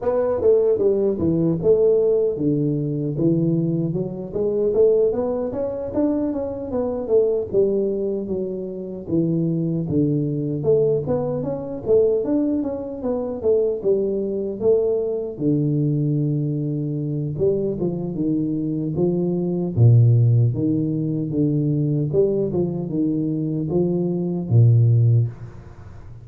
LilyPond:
\new Staff \with { instrumentName = "tuba" } { \time 4/4 \tempo 4 = 76 b8 a8 g8 e8 a4 d4 | e4 fis8 gis8 a8 b8 cis'8 d'8 | cis'8 b8 a8 g4 fis4 e8~ | e8 d4 a8 b8 cis'8 a8 d'8 |
cis'8 b8 a8 g4 a4 d8~ | d2 g8 f8 dis4 | f4 ais,4 dis4 d4 | g8 f8 dis4 f4 ais,4 | }